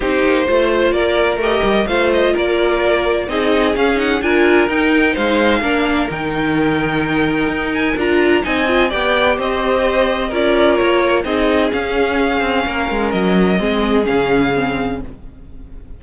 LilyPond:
<<
  \new Staff \with { instrumentName = "violin" } { \time 4/4 \tempo 4 = 128 c''2 d''4 dis''4 | f''8 dis''8 d''2 dis''4 | f''8 fis''8 gis''4 g''4 f''4~ | f''4 g''2.~ |
g''8 gis''8 ais''4 gis''4 g''4 | dis''2 d''4 cis''4 | dis''4 f''2. | dis''2 f''2 | }
  \new Staff \with { instrumentName = "violin" } { \time 4/4 g'4 c''4 ais'2 | c''4 ais'2 gis'4~ | gis'4 ais'2 c''4 | ais'1~ |
ais'2 dis''4 d''4 | c''2 ais'2 | gis'2. ais'4~ | ais'4 gis'2. | }
  \new Staff \with { instrumentName = "viola" } { \time 4/4 dis'4 f'2 g'4 | f'2. dis'4 | cis'8 dis'8 f'4 dis'2 | d'4 dis'2.~ |
dis'4 f'4 dis'8 f'8 g'4~ | g'2 f'2 | dis'4 cis'2.~ | cis'4 c'4 cis'4 c'4 | }
  \new Staff \with { instrumentName = "cello" } { \time 4/4 c'8 ais8 a4 ais4 a8 g8 | a4 ais2 c'4 | cis'4 d'4 dis'4 gis4 | ais4 dis2. |
dis'4 d'4 c'4 b4 | c'2 cis'4 ais4 | c'4 cis'4. c'8 ais8 gis8 | fis4 gis4 cis2 | }
>>